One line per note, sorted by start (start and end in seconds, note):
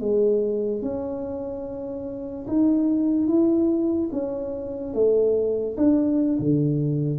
0.00 0.82 G#3
0.82 2.46 C#4
2.48 3.28 D#4
3.28 4.10 E4
4.12 4.94 C#4
4.94 5.76 A3
5.77 6.38 D4
6.39 7.19 D3